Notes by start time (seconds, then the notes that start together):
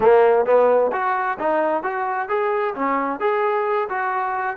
0.00 A#3
0.45 B3
0.92 F#4
1.39 D#4
1.83 F#4
2.28 G#4
2.74 C#4
3.19 G#4
3.89 F#4